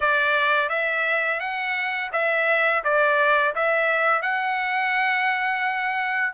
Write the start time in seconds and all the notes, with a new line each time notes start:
0.00 D5
0.69 E5
1.39 F#5
2.12 E5
2.84 D5
3.55 E5
4.22 F#5